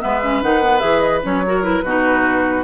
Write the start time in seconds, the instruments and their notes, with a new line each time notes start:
0.00 bassoon G#3, clarinet B3, oboe B4, flute E5
0.23 clarinet C#4
0.42 bassoon D#3, clarinet D#4, flute F#5
0.62 clarinet B3
0.79 bassoon E3, clarinet G#4, flute E5
0.99 flute D#5
1.23 bassoon F#3, clarinet C#4, flute C#5
1.46 clarinet F#4, oboe A#4
1.62 clarinet E4, flute B4
1.83 bassoon B2, clarinet D#4, oboe F#4